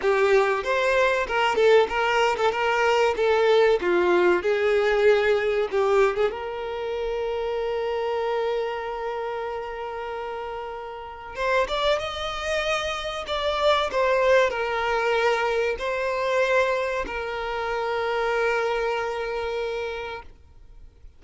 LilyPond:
\new Staff \with { instrumentName = "violin" } { \time 4/4 \tempo 4 = 95 g'4 c''4 ais'8 a'8 ais'8. a'16 | ais'4 a'4 f'4 gis'4~ | gis'4 g'8. gis'16 ais'2~ | ais'1~ |
ais'2 c''8 d''8 dis''4~ | dis''4 d''4 c''4 ais'4~ | ais'4 c''2 ais'4~ | ais'1 | }